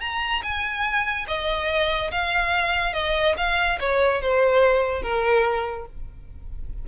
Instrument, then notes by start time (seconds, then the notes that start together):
violin
0.00 A#5
0.43 G#5
1.27 D#5
2.11 F5
2.93 D#5
3.37 F5
3.80 C#5
4.21 C5
5.02 A#4